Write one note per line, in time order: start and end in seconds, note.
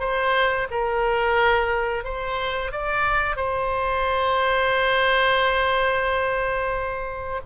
0.00 0.67 C5
0.71 2.04 A#4
2.04 2.72 C5
2.72 3.36 D5
3.36 7.41 C5